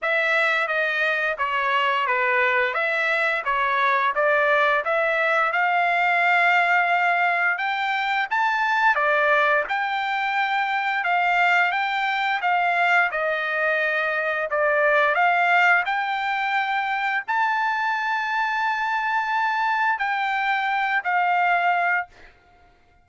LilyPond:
\new Staff \with { instrumentName = "trumpet" } { \time 4/4 \tempo 4 = 87 e''4 dis''4 cis''4 b'4 | e''4 cis''4 d''4 e''4 | f''2. g''4 | a''4 d''4 g''2 |
f''4 g''4 f''4 dis''4~ | dis''4 d''4 f''4 g''4~ | g''4 a''2.~ | a''4 g''4. f''4. | }